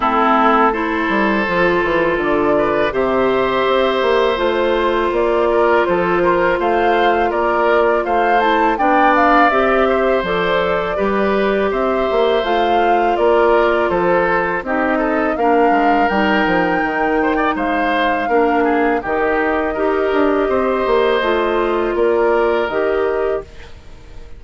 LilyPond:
<<
  \new Staff \with { instrumentName = "flute" } { \time 4/4 \tempo 4 = 82 a'4 c''2 d''4 | e''2 c''4 d''4 | c''4 f''4 d''4 f''8 a''8 | g''8 f''8 e''4 d''2 |
e''4 f''4 d''4 c''4 | dis''4 f''4 g''2 | f''2 dis''2~ | dis''2 d''4 dis''4 | }
  \new Staff \with { instrumentName = "oboe" } { \time 4/4 e'4 a'2~ a'8 b'8 | c''2.~ c''8 ais'8 | a'8 ais'8 c''4 ais'4 c''4 | d''4. c''4. b'4 |
c''2 ais'4 a'4 | g'8 a'8 ais'2~ ais'8 c''16 d''16 | c''4 ais'8 gis'8 g'4 ais'4 | c''2 ais'2 | }
  \new Staff \with { instrumentName = "clarinet" } { \time 4/4 c'4 e'4 f'2 | g'2 f'2~ | f'2.~ f'8 e'8 | d'4 g'4 a'4 g'4~ |
g'4 f'2. | dis'4 d'4 dis'2~ | dis'4 d'4 dis'4 g'4~ | g'4 f'2 g'4 | }
  \new Staff \with { instrumentName = "bassoon" } { \time 4/4 a4. g8 f8 e8 d4 | c4 c'8 ais8 a4 ais4 | f4 a4 ais4 a4 | b4 c'4 f4 g4 |
c'8 ais8 a4 ais4 f4 | c'4 ais8 gis8 g8 f8 dis4 | gis4 ais4 dis4 dis'8 d'8 | c'8 ais8 a4 ais4 dis4 | }
>>